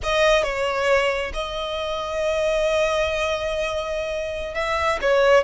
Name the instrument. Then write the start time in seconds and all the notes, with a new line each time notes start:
violin
0.03 D#5
0.43 C#5
1.33 D#5
4.54 E5
5.01 C#5